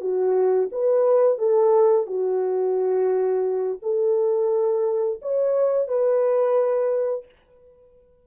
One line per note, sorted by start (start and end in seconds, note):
0.00 0.69 F#4
0.71 1.38 B4
1.38 2.06 A4
2.06 3.79 F#4
3.82 5.20 A4
5.22 5.87 C#5
5.87 7.25 B4